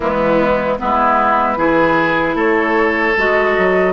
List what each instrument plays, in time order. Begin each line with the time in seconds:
0.00 bassoon E3, clarinet G#3, oboe B3, flute E4
0.78 bassoon G#3, clarinet B3, oboe E4, flute B4
1.56 bassoon E3, clarinet E4, oboe G#4
2.34 bassoon A3, oboe A4, flute C#5
3.17 bassoon G#3, clarinet F#4, flute D#5
3.57 bassoon F#3